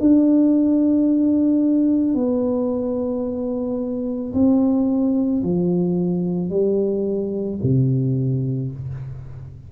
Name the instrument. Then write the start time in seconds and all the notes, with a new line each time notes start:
tuba
0.00 D4
2.14 B3
4.33 C4
5.43 F3
6.50 G3
7.63 C3